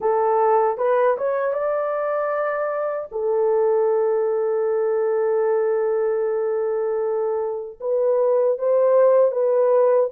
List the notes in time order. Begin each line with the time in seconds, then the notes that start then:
0.00 A4
0.77 B4
1.17 C#5
1.53 D5
3.11 A4
7.80 B4
8.58 C5
9.31 B4